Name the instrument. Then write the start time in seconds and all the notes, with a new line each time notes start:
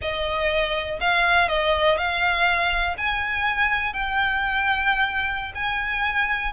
violin
0.01 D#5
1.00 F5
1.48 D#5
1.97 F5
2.97 G#5
3.93 G5
5.54 G#5